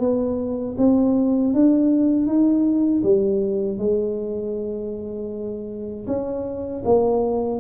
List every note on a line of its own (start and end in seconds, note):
0.00 0.76 B3
0.78 1.54 C4
1.54 2.27 D4
2.27 3.03 D#4
3.03 3.78 G3
3.78 6.06 G#3
6.07 6.83 C#4
6.85 7.60 A#3